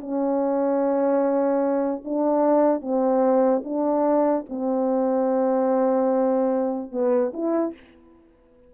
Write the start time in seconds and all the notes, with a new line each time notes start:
0.00 C#4
2.04 D4
2.81 C4
3.64 D4
4.49 C4
6.91 B3
7.33 E4